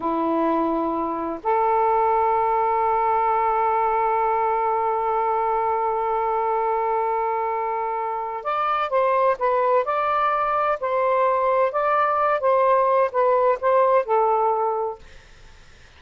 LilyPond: \new Staff \with { instrumentName = "saxophone" } { \time 4/4 \tempo 4 = 128 e'2. a'4~ | a'1~ | a'1~ | a'1~ |
a'2 d''4 c''4 | b'4 d''2 c''4~ | c''4 d''4. c''4. | b'4 c''4 a'2 | }